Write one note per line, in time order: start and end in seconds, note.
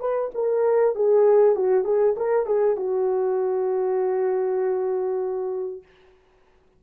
0.00 0.31 B4
0.34 0.95 A#4
0.95 1.55 G#4
1.55 1.84 F#4
1.84 2.15 G#4
2.16 2.46 A#4
2.46 2.76 G#4
2.76 5.82 F#4